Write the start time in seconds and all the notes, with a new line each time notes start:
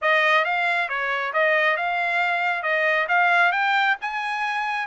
0.01 D#5
0.44 F5
0.88 C#5
1.33 D#5
1.76 F5
2.62 D#5
3.08 F5
3.52 G5
4.01 G#5